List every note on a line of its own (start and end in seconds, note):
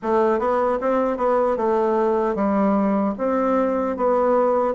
0.02 0.39 A3
0.39 0.78 B3
0.80 1.17 C4
1.17 1.56 B3
1.56 2.35 A3
2.35 3.14 G3
3.18 3.97 C4
3.97 4.74 B3